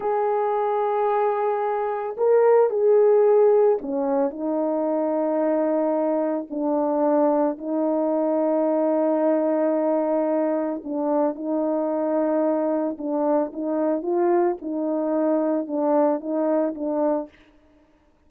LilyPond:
\new Staff \with { instrumentName = "horn" } { \time 4/4 \tempo 4 = 111 gis'1 | ais'4 gis'2 cis'4 | dis'1 | d'2 dis'2~ |
dis'1 | d'4 dis'2. | d'4 dis'4 f'4 dis'4~ | dis'4 d'4 dis'4 d'4 | }